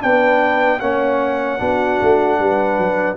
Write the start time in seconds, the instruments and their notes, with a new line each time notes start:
0.00 tuba B3, trombone D4, horn B4, trumpet G5
0.79 tuba A#3, trombone C#4, horn C#5, trumpet F#5
1.58 tuba B3, trombone D4, horn F#4
2.01 tuba A3
2.39 tuba G3, horn B4
2.78 tuba F#3